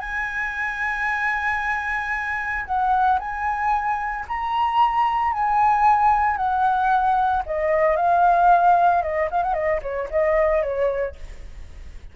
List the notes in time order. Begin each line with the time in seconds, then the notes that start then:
0.00 G#5
2.66 F#5
3.19 G#5
4.28 A#5
5.33 G#5
6.37 F#5
7.46 D#5
7.97 F5
9.03 D#5
9.31 F5
9.43 F#5
9.54 D#5
9.82 C#5
10.11 D#5
10.63 C#5